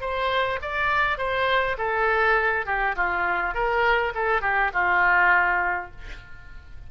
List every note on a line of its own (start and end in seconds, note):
0.00 0.59 C5
0.61 1.17 D5
1.17 1.76 C5
1.77 2.66 A4
2.66 2.95 G4
2.95 3.54 F4
3.54 4.13 A#4
4.14 4.41 A4
4.41 4.70 G4
4.73 5.90 F4